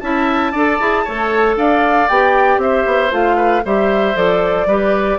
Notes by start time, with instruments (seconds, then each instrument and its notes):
0.00 bassoon C#4, clarinet E4, oboe E5, flute A5
0.52 bassoon D4, clarinet A4, oboe D5
0.80 bassoon E4, clarinet G#4
1.05 bassoon A3, clarinet A4, oboe C#5
1.56 bassoon D4, oboe D5, flute F5
2.09 bassoon B3, clarinet G4, flute G5
2.58 bassoon C4, oboe C5, flute E5
2.87 bassoon B3
3.11 bassoon A3, clarinet F4, flute F5
3.37 oboe B4
3.65 bassoon G3, clarinet G4, oboe C5, flute E5
4.15 bassoon F3, clarinet A4, flute D5
4.66 bassoon G3, clarinet G4, oboe B4